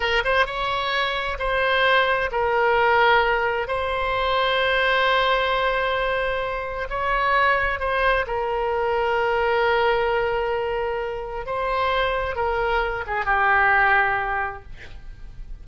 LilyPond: \new Staff \with { instrumentName = "oboe" } { \time 4/4 \tempo 4 = 131 ais'8 c''8 cis''2 c''4~ | c''4 ais'2. | c''1~ | c''2. cis''4~ |
cis''4 c''4 ais'2~ | ais'1~ | ais'4 c''2 ais'4~ | ais'8 gis'8 g'2. | }